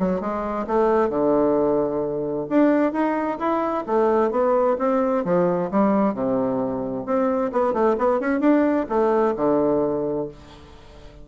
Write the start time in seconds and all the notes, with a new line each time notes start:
0.00 F#3
0.21 G#3
0.67 A3
1.10 D3
2.50 D4
2.93 D#4
3.39 E4
3.87 A3
4.32 B3
4.79 C4
5.25 F3
5.71 G3
6.15 C3
7.06 C4
7.53 B3
7.74 A3
7.99 B3
8.21 C#4
8.41 D4
8.89 A3
9.37 D3